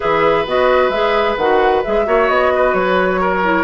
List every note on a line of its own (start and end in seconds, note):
0.00 0.46 E3
0.00 0.46 G#4
0.00 2.06 B4
0.00 0.46 E5
0.46 0.89 B3
0.46 0.92 F#4
0.46 0.89 D#5
0.89 1.35 G#3
0.89 1.38 G#4
0.89 1.35 E5
1.37 1.83 D#3
1.37 1.84 F#4
1.37 1.83 F#5
1.83 2.06 G#3
1.83 2.05 G#4
1.83 2.28 E5
2.05 2.29 A#3
2.05 3.43 F#4
2.05 2.52 C#5
2.28 2.73 B3
2.28 2.73 D#5
2.55 3.20 B4
2.73 3.64 F#3
2.73 3.64 C#5
3.20 3.64 A#4
3.43 3.64 E4